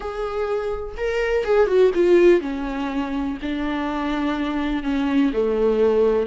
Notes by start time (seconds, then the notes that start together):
0.00 G#4
0.97 A#4
1.44 G#4
1.67 F#4
1.94 F4
2.41 C#4
3.42 D4
4.83 C#4
5.33 A3